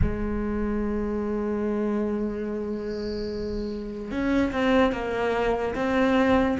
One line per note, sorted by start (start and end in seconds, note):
0.01 4.11 G#3
4.11 4.52 C#4
4.52 4.92 C4
4.92 5.74 A#3
5.75 6.57 C4